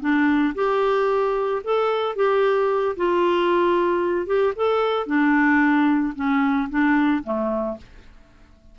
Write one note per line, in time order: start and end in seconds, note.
0.00 0.54 D4
0.55 1.62 G4
1.64 2.15 A4
2.15 2.96 G4
2.96 4.26 F4
4.26 4.53 G4
4.56 5.06 A4
5.06 6.13 D4
6.15 6.68 C#4
6.69 7.23 D4
7.24 7.77 A3